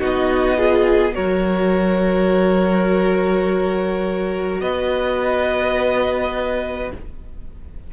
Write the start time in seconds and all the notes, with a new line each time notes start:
0.00 B3 D#4 F#4 D#5
0.57 F4 G#4
1.14 F#3 F#4 A#4 C#5
4.61 B3 B4 D#5